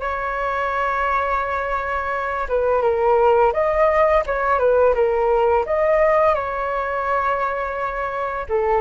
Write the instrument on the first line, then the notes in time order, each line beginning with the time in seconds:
flute
0.00 C#5
2.48 B4
2.82 A#4
3.53 D#5
4.26 C#5
4.59 B4
4.94 A#4
5.66 D#5
6.34 C#5
8.49 A4